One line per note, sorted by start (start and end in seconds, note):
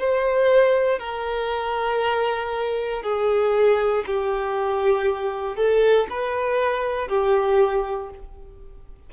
0.00 1.00 C5
1.00 3.03 A#4
3.03 4.05 G#4
4.07 5.57 G4
5.57 6.07 A4
6.10 7.09 B4
7.09 8.10 G4